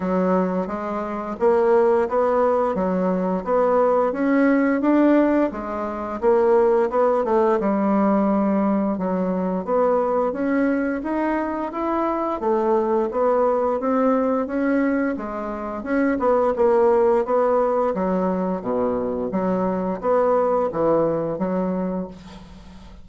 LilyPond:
\new Staff \with { instrumentName = "bassoon" } { \time 4/4 \tempo 4 = 87 fis4 gis4 ais4 b4 | fis4 b4 cis'4 d'4 | gis4 ais4 b8 a8 g4~ | g4 fis4 b4 cis'4 |
dis'4 e'4 a4 b4 | c'4 cis'4 gis4 cis'8 b8 | ais4 b4 fis4 b,4 | fis4 b4 e4 fis4 | }